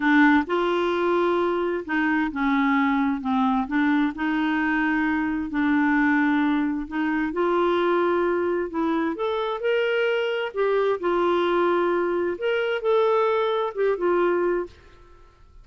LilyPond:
\new Staff \with { instrumentName = "clarinet" } { \time 4/4 \tempo 4 = 131 d'4 f'2. | dis'4 cis'2 c'4 | d'4 dis'2. | d'2. dis'4 |
f'2. e'4 | a'4 ais'2 g'4 | f'2. ais'4 | a'2 g'8 f'4. | }